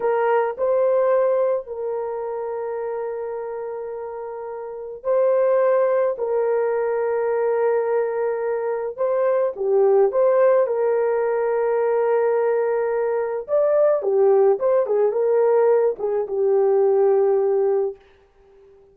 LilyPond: \new Staff \with { instrumentName = "horn" } { \time 4/4 \tempo 4 = 107 ais'4 c''2 ais'4~ | ais'1~ | ais'4 c''2 ais'4~ | ais'1 |
c''4 g'4 c''4 ais'4~ | ais'1 | d''4 g'4 c''8 gis'8 ais'4~ | ais'8 gis'8 g'2. | }